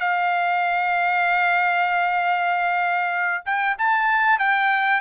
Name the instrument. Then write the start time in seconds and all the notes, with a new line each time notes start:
trumpet
0.00 F5
3.45 G5
3.78 A5
4.39 G5